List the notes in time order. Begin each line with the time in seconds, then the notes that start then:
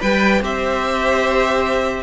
0.00 G3 B4 G5
0.42 C4 G4 C5 E5